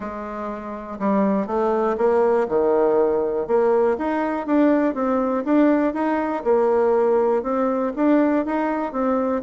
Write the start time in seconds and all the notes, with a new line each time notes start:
0.00 G#3
0.99 G3
1.47 A3
1.97 A#3
2.48 D#3
3.47 A#3
3.98 D#4
4.46 D4
4.94 C4
5.44 D4
5.93 D#4
6.44 A#3
7.42 C4
7.96 D4
8.45 D#4
8.92 C4